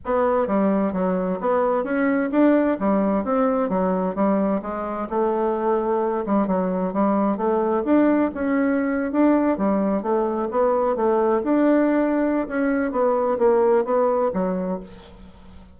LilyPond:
\new Staff \with { instrumentName = "bassoon" } { \time 4/4 \tempo 4 = 130 b4 g4 fis4 b4 | cis'4 d'4 g4 c'4 | fis4 g4 gis4 a4~ | a4. g8 fis4 g4 |
a4 d'4 cis'4.~ cis'16 d'16~ | d'8. g4 a4 b4 a16~ | a8. d'2~ d'16 cis'4 | b4 ais4 b4 fis4 | }